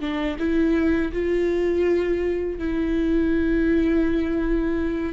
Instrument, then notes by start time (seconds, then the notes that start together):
viola
0.00 D4
0.39 E4
1.12 F4
2.58 E4